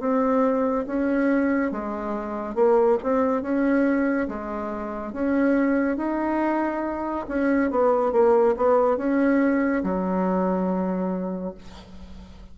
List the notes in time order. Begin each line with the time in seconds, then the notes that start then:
0.00 C4
0.87 C#4
1.72 G#3
2.56 A#3
3.04 C4
3.42 C#4
4.29 G#3
5.13 C#4
5.98 D#4
7.29 C#4
7.71 B3
8.13 A#3
8.57 B3
8.98 C#4
9.84 F#3